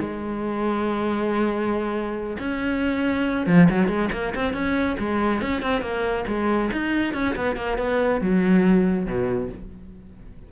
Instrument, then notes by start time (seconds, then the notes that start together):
cello
0.00 G#3
2.39 C#4
3.47 F3
3.70 F#3
3.88 G#3
4.12 A#3
4.35 C4
4.54 C#4
4.99 G#3
5.42 C#4
5.63 C4
5.82 A#3
6.28 G#3
6.73 D#4
7.14 C#4
7.36 B3
7.57 A#3
7.78 B3
8.21 F#3
9.07 B2